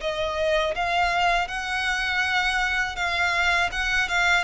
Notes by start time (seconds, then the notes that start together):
0.00 D#5
0.74 F5
1.47 F#5
2.95 F5
3.71 F#5
4.08 F5